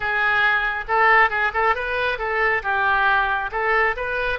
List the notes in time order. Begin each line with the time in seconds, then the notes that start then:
0.00 G#4
0.88 A4
1.30 G#4
1.53 A4
1.75 B4
2.18 A4
2.63 G4
3.51 A4
3.96 B4